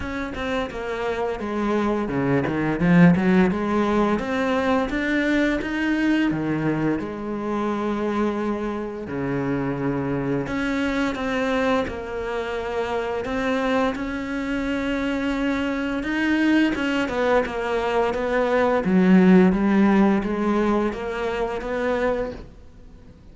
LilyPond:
\new Staff \with { instrumentName = "cello" } { \time 4/4 \tempo 4 = 86 cis'8 c'8 ais4 gis4 cis8 dis8 | f8 fis8 gis4 c'4 d'4 | dis'4 dis4 gis2~ | gis4 cis2 cis'4 |
c'4 ais2 c'4 | cis'2. dis'4 | cis'8 b8 ais4 b4 fis4 | g4 gis4 ais4 b4 | }